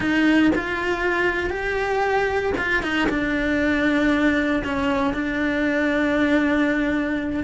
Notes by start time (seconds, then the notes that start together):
0.00 D#4
0.55 F4
1.50 G4
2.57 F4
2.82 D#4
3.09 D4
4.64 C#4
5.13 D4